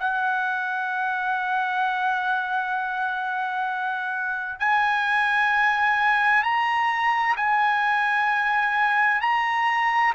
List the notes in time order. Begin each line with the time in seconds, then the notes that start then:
0.00 F#5
4.60 G#5
6.44 A#5
7.37 G#5
9.21 A#5